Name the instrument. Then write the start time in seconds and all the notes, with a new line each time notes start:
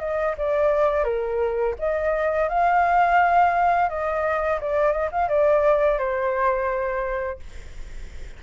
flute
0.00 D#5
0.38 D5
1.04 A#4
1.79 D#5
2.49 F5
3.89 D#5
4.61 D5
4.92 D#5
5.12 F5
5.29 D5
5.99 C5